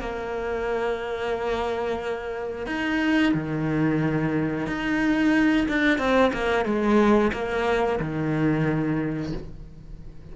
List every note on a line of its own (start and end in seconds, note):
0.00 2.66 A#3
2.66 3.33 D#4
3.34 4.67 D#3
4.67 5.67 D#4
5.68 5.98 D4
5.98 6.32 C4
6.33 6.65 A#3
6.65 7.32 G#3
7.32 7.99 A#3
7.99 9.33 D#3